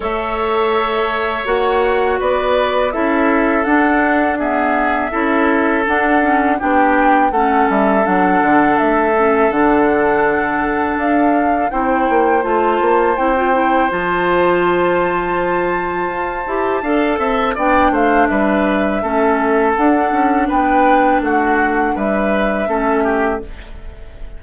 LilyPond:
<<
  \new Staff \with { instrumentName = "flute" } { \time 4/4 \tempo 4 = 82 e''2 fis''4 d''4 | e''4 fis''4 e''2 | fis''4 g''4 fis''8 e''8 fis''4 | e''4 fis''2 f''4 |
g''4 a''4 g''4 a''4~ | a''1 | g''8 f''8 e''2 fis''4 | g''4 fis''4 e''2 | }
  \new Staff \with { instrumentName = "oboe" } { \time 4/4 cis''2. b'4 | a'2 gis'4 a'4~ | a'4 g'4 a'2~ | a'1 |
c''1~ | c''2. f''8 e''8 | d''8 c''8 b'4 a'2 | b'4 fis'4 b'4 a'8 g'8 | }
  \new Staff \with { instrumentName = "clarinet" } { \time 4/4 a'2 fis'2 | e'4 d'4 b4 e'4 | d'8 cis'8 d'4 cis'4 d'4~ | d'8 cis'8 d'2. |
e'4 f'4 e'16 f'16 e'8 f'4~ | f'2~ f'8 g'8 a'4 | d'2 cis'4 d'4~ | d'2. cis'4 | }
  \new Staff \with { instrumentName = "bassoon" } { \time 4/4 a2 ais4 b4 | cis'4 d'2 cis'4 | d'4 b4 a8 g8 fis8 d8 | a4 d2 d'4 |
c'8 ais8 a8 ais8 c'4 f4~ | f2 f'8 e'8 d'8 c'8 | b8 a8 g4 a4 d'8 cis'8 | b4 a4 g4 a4 | }
>>